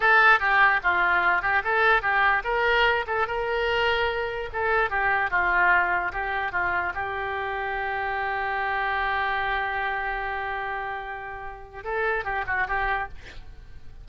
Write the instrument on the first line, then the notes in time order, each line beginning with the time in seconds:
oboe
0.00 A4
0.39 G4
0.83 F4
1.42 G4
1.64 A4
2.01 G4
2.43 A#4
3.06 A4
3.27 A#4
4.52 A4
4.90 G4
5.30 F4
6.12 G4
6.52 F4
6.94 G4
11.83 A4
12.24 G4
12.46 F#4
12.67 G4